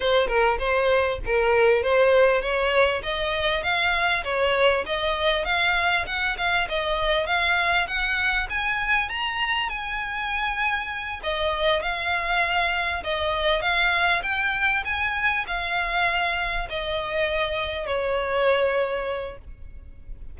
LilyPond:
\new Staff \with { instrumentName = "violin" } { \time 4/4 \tempo 4 = 99 c''8 ais'8 c''4 ais'4 c''4 | cis''4 dis''4 f''4 cis''4 | dis''4 f''4 fis''8 f''8 dis''4 | f''4 fis''4 gis''4 ais''4 |
gis''2~ gis''8 dis''4 f''8~ | f''4. dis''4 f''4 g''8~ | g''8 gis''4 f''2 dis''8~ | dis''4. cis''2~ cis''8 | }